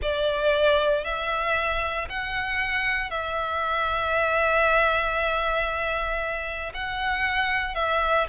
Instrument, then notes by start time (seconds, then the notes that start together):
violin
0.01 D5
1.04 E5
2.09 F#5
3.10 E5
6.74 F#5
7.74 E5